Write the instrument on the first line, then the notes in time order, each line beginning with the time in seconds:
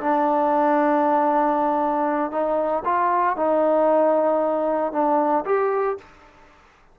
trombone
0.00 D4
2.31 D#4
2.85 F4
3.37 D#4
4.93 D4
5.45 G4